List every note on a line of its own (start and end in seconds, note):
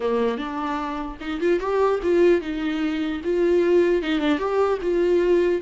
0.00 0.37 A#3
0.37 1.17 D4
1.20 1.40 D#4
1.40 1.59 F4
1.59 1.99 G4
2.02 2.41 F4
2.41 3.21 D#4
3.24 4.02 F4
4.02 4.19 D#4
4.19 4.38 D4
4.38 4.78 G4
4.81 5.61 F4